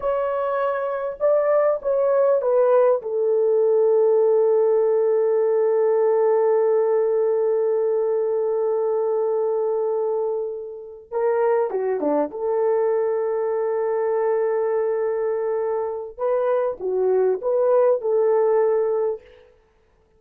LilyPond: \new Staff \with { instrumentName = "horn" } { \time 4/4 \tempo 4 = 100 cis''2 d''4 cis''4 | b'4 a'2.~ | a'1~ | a'1~ |
a'2~ a'8 ais'4 fis'8 | d'8 a'2.~ a'8~ | a'2. b'4 | fis'4 b'4 a'2 | }